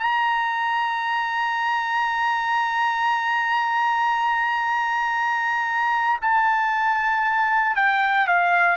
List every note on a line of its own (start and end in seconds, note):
0.00 6.21 A#5
6.22 7.76 A5
7.76 8.28 G5
8.28 8.77 F5